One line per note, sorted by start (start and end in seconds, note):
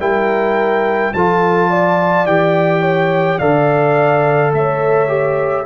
0.00 1.13 G3
0.00 1.13 E4
0.00 1.13 A#4
0.00 1.13 G5
1.13 2.25 F3
1.13 2.27 F4
1.13 1.70 A4
1.13 2.26 A5
1.70 2.82 D5
2.25 3.38 E3
2.25 3.40 G4
2.25 3.39 G5
2.82 3.38 C#5
3.39 4.53 D3
3.39 5.08 A4
3.39 4.52 D5
3.39 4.52 F5
4.53 5.66 A3
4.53 5.66 C#5
4.53 5.66 E5
5.08 5.64 G4